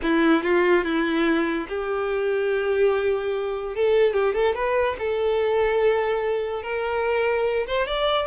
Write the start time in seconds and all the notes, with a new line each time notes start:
0.02 E4
0.43 F4
0.84 E4
1.68 G4
3.75 A4
4.13 G4
4.34 A4
4.54 B4
4.98 A4
6.62 A#4
7.66 C5
7.86 D5